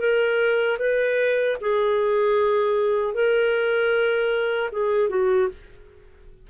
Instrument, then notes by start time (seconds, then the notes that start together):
clarinet
0.00 A#4
0.79 B4
1.61 G#4
3.14 A#4
4.72 G#4
5.09 F#4